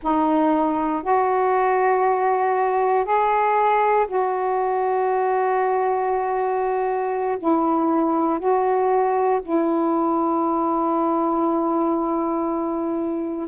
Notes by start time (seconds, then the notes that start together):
0.02 D#4
1.03 F#4
3.04 G#4
4.07 F#4
7.39 E4
8.39 F#4
9.42 E4